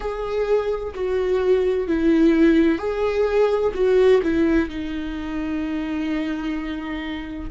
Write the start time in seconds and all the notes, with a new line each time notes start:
0.00 G#4
0.94 F#4
1.87 E4
2.78 G#4
3.74 F#4
4.22 E4
4.69 D#4